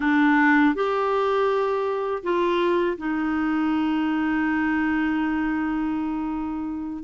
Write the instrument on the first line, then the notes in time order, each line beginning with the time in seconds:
clarinet
0.00 D4
0.74 G4
2.23 F4
2.97 D#4